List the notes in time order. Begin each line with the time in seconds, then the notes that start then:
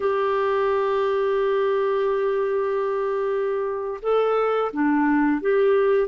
0.00 G4
4.01 A4
4.72 D4
5.41 G4